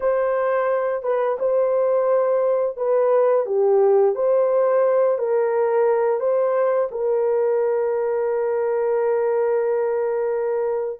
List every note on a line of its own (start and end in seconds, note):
0.00 1.03 C5
1.03 1.37 B4
1.39 2.76 C5
2.76 3.45 B4
3.46 4.15 G4
4.15 5.18 C5
5.18 6.19 A#4
6.19 6.88 C5
6.91 11.00 A#4